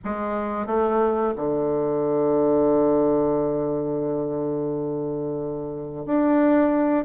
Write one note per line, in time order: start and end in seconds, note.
0.04 0.66 G#3
0.66 1.34 A3
1.36 6.06 D3
6.06 7.04 D4